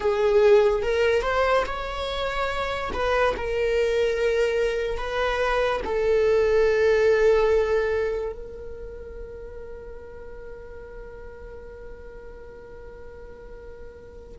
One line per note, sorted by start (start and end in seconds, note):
0.00 0.82 G#4
0.82 1.22 A#4
1.22 1.63 C5
1.66 2.91 C#5
2.93 3.34 B4
3.36 4.97 A#4
4.97 5.81 B4
5.84 8.32 A4
8.32 14.36 A#4